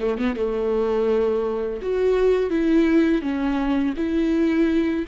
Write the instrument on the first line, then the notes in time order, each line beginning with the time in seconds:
viola
0.00 A3
0.18 B3
0.36 A3
1.82 F#4
2.50 E4
3.21 C#4
3.97 E4